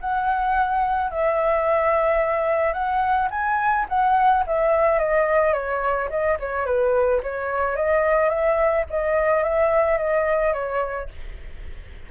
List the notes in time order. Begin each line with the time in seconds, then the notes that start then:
0.00 F#5
1.11 E5
2.73 F#5
3.30 G#5
3.89 F#5
4.46 E5
4.98 D#5
5.53 C#5
6.10 D#5
6.39 C#5
6.65 B4
7.22 C#5
7.76 D#5
8.29 E5
8.90 D#5
9.43 E5
9.97 D#5
10.53 C#5